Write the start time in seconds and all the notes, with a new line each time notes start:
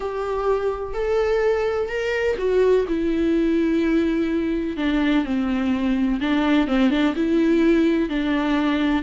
0.00 G4
0.93 A4
1.89 A#4
2.38 F#4
2.88 E4
4.77 D4
5.24 C4
6.20 D4
6.67 C4
6.90 D4
7.15 E4
8.09 D4